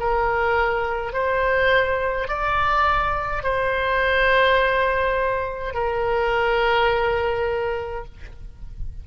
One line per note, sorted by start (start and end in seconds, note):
0.00 1.13 A#4
1.13 2.28 C5
2.28 3.44 D5
3.44 5.74 C5
5.74 8.05 A#4